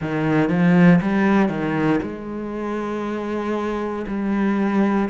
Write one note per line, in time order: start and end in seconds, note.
0.01 0.49 D#3
0.49 1.00 F3
1.01 1.48 G3
1.48 1.99 D#3
2.02 4.05 G#3
4.07 5.08 G3